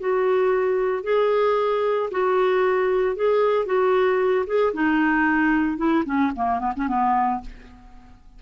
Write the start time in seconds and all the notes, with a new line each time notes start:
0.00 F#4
1.04 G#4
2.11 F#4
3.16 G#4
3.66 F#4
4.47 G#4
4.74 D#4
5.77 E4
6.06 C#4
6.36 A#3
6.60 B3
6.76 C#4
6.88 B3